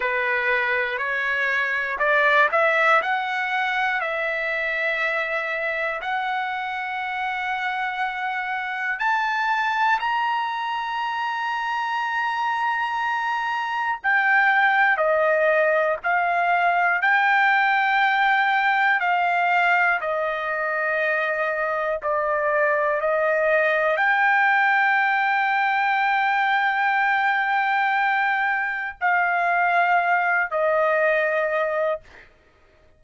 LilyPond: \new Staff \with { instrumentName = "trumpet" } { \time 4/4 \tempo 4 = 60 b'4 cis''4 d''8 e''8 fis''4 | e''2 fis''2~ | fis''4 a''4 ais''2~ | ais''2 g''4 dis''4 |
f''4 g''2 f''4 | dis''2 d''4 dis''4 | g''1~ | g''4 f''4. dis''4. | }